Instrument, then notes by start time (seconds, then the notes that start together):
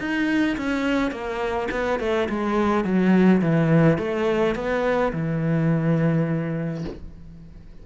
cello
0.00 D#4
0.58 C#4
1.11 A#3
1.71 B3
2.00 A3
2.29 G#3
2.84 F#3
3.42 E3
3.98 A3
4.55 B3
5.13 E3